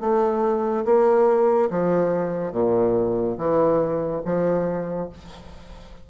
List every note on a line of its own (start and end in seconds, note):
0.00 0.85 A3
0.85 1.69 A#3
1.70 2.52 F3
2.52 3.36 A#2
3.38 4.22 E3
4.25 5.09 F3